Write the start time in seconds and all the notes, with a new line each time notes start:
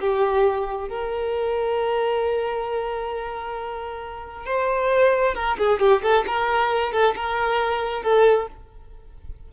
0.00 G4
0.88 A#4
4.45 C5
5.34 A#4
5.58 G#4
5.79 G4
6.02 A4
6.26 A#4
6.92 A4
7.15 A#4
8.03 A4